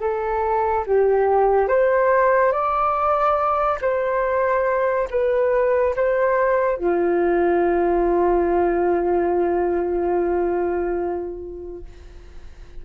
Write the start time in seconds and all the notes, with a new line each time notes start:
0.00 A4
0.86 G4
1.68 C5
2.52 D5
3.81 C5
5.10 B4
5.95 C5
6.77 F4